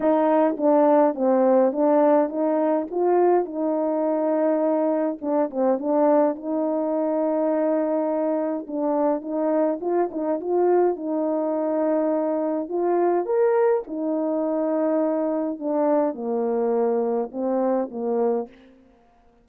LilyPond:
\new Staff \with { instrumentName = "horn" } { \time 4/4 \tempo 4 = 104 dis'4 d'4 c'4 d'4 | dis'4 f'4 dis'2~ | dis'4 d'8 c'8 d'4 dis'4~ | dis'2. d'4 |
dis'4 f'8 dis'8 f'4 dis'4~ | dis'2 f'4 ais'4 | dis'2. d'4 | ais2 c'4 ais4 | }